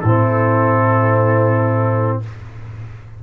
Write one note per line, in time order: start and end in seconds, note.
0.00 2.22 A2
0.00 2.23 C4
0.00 2.20 E4
0.00 2.18 A4